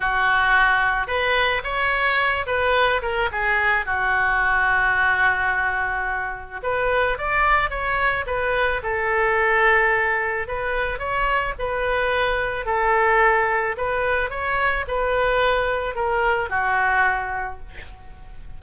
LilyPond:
\new Staff \with { instrumentName = "oboe" } { \time 4/4 \tempo 4 = 109 fis'2 b'4 cis''4~ | cis''8 b'4 ais'8 gis'4 fis'4~ | fis'1 | b'4 d''4 cis''4 b'4 |
a'2. b'4 | cis''4 b'2 a'4~ | a'4 b'4 cis''4 b'4~ | b'4 ais'4 fis'2 | }